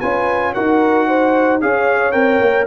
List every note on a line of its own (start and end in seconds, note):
0.00 0.56 C#4
0.00 0.55 F4
0.00 0.53 B4
0.00 0.54 G#5
0.54 1.62 D#4
0.54 1.61 F#4
0.54 1.08 A#4
0.54 1.60 F#5
1.08 1.61 C5
1.61 2.14 C#4
1.61 2.13 G#4
1.61 2.67 C#5
1.61 2.12 F5
2.12 2.41 C4
2.12 2.66 A#4
2.12 2.65 G5
2.41 2.67 A#3